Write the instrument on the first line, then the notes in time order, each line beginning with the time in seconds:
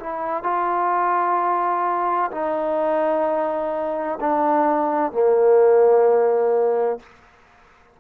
trombone
0.00 E4
0.43 F4
2.31 D#4
4.21 D4
5.12 A#3